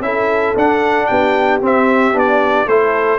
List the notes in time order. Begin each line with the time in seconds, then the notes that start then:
0.00 C#4 E4 A4 E5
0.55 D4 F#5
1.06 B3 G4 G5
1.61 C4 E5
2.13 B3 D4 D5
2.66 A3 E4 A4 C5